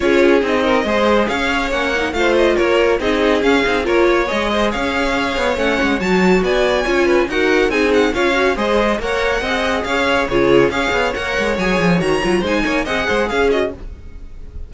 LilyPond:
<<
  \new Staff \with { instrumentName = "violin" } { \time 4/4 \tempo 4 = 140 cis''4 dis''2 f''4 | fis''4 f''8 dis''8 cis''4 dis''4 | f''4 cis''4 dis''4 f''4~ | f''4 fis''4 a''4 gis''4~ |
gis''4 fis''4 gis''8 fis''8 f''4 | dis''4 fis''2 f''4 | cis''4 f''4 fis''4 gis''4 | ais''4 gis''4 fis''4 f''8 dis''8 | }
  \new Staff \with { instrumentName = "violin" } { \time 4/4 gis'4. ais'8 c''4 cis''4~ | cis''4 c''4 ais'4 gis'4~ | gis'4 ais'8 cis''4 c''8 cis''4~ | cis''2. d''4 |
cis''8 b'8 ais'4 gis'4 cis''4 | c''4 cis''4 dis''4 cis''4 | gis'4 cis''2.~ | cis''4 c''8 cis''8 dis''8 c''8 gis'4 | }
  \new Staff \with { instrumentName = "viola" } { \time 4/4 f'4 dis'4 gis'2 | cis'8 dis'8 f'2 dis'4 | cis'8 dis'8 f'4 gis'2~ | gis'4 cis'4 fis'2 |
f'4 fis'4 dis'4 f'8 fis'8 | gis'4 ais'4 gis'2 | f'4 gis'4 ais'4 gis'4 | fis'8 f'8 dis'4 gis'4. fis'8 | }
  \new Staff \with { instrumentName = "cello" } { \time 4/4 cis'4 c'4 gis4 cis'4 | ais4 a4 ais4 c'4 | cis'8 c'8 ais4 gis4 cis'4~ | cis'8 b8 a8 gis8 fis4 b4 |
cis'4 dis'4 c'4 cis'4 | gis4 ais4 c'4 cis'4 | cis4 cis'8 b8 ais8 gis8 fis8 f8 | dis8 fis8 gis8 ais8 c'8 gis8 cis'4 | }
>>